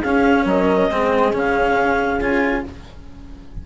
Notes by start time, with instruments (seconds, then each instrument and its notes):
0.00 bassoon C#4, cello C#4, horn G#4, clarinet F5
0.45 bassoon F#3, horn A#4, clarinet D#5
0.90 bassoon G#3, cello C4, horn G#4
1.33 bassoon C#3, cello C#4, clarinet F5
2.20 bassoon C#4, cello F4, clarinet G#5